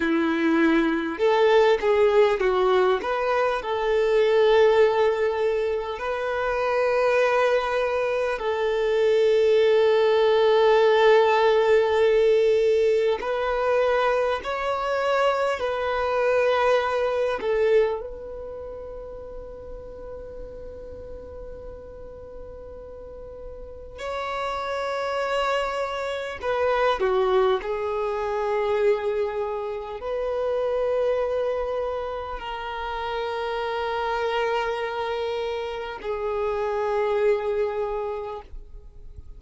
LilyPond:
\new Staff \with { instrumentName = "violin" } { \time 4/4 \tempo 4 = 50 e'4 a'8 gis'8 fis'8 b'8 a'4~ | a'4 b'2 a'4~ | a'2. b'4 | cis''4 b'4. a'8 b'4~ |
b'1 | cis''2 b'8 fis'8 gis'4~ | gis'4 b'2 ais'4~ | ais'2 gis'2 | }